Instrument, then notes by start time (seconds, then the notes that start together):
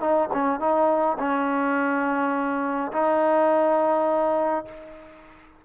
trombone
0.00 D#4
0.33 C#4
0.60 D#4
1.19 C#4
2.92 D#4